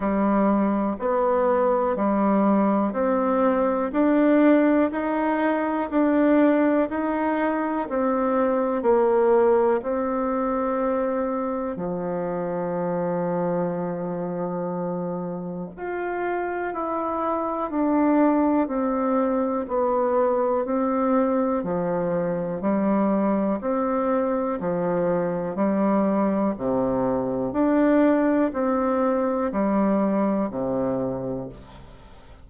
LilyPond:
\new Staff \with { instrumentName = "bassoon" } { \time 4/4 \tempo 4 = 61 g4 b4 g4 c'4 | d'4 dis'4 d'4 dis'4 | c'4 ais4 c'2 | f1 |
f'4 e'4 d'4 c'4 | b4 c'4 f4 g4 | c'4 f4 g4 c4 | d'4 c'4 g4 c4 | }